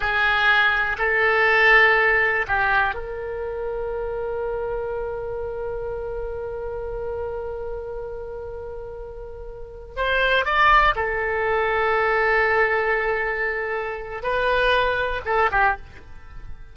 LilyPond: \new Staff \with { instrumentName = "oboe" } { \time 4/4 \tempo 4 = 122 gis'2 a'2~ | a'4 g'4 ais'2~ | ais'1~ | ais'1~ |
ais'1~ | ais'16 c''4 d''4 a'4.~ a'16~ | a'1~ | a'4 b'2 a'8 g'8 | }